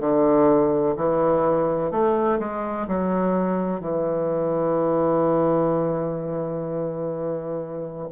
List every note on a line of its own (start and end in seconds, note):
0.00 0.95 D3
0.97 1.91 E3
1.91 2.39 A3
2.39 2.87 G#3
2.88 3.81 F#3
3.81 8.09 E3